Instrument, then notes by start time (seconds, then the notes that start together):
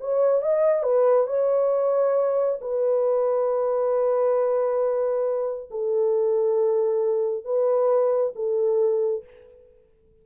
horn
0.00 C#5
0.42 D#5
0.83 B4
1.27 C#5
2.61 B4
5.70 A4
7.44 B4
8.35 A4